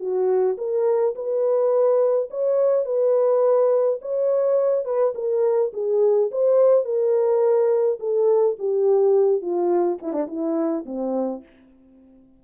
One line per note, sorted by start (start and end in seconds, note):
0.00 0.57 F#4
0.58 1.15 A#4
1.16 2.30 B4
2.31 2.86 C#5
2.86 4.00 B4
4.02 4.85 C#5
4.85 5.14 B4
5.15 5.72 A#4
5.74 6.31 G#4
6.32 6.85 C5
6.85 7.99 A#4
8.00 8.57 A4
8.59 9.42 G4
9.42 9.99 F4
10.02 10.13 E4
10.13 10.28 D4
10.28 10.85 E4
10.86 11.43 C4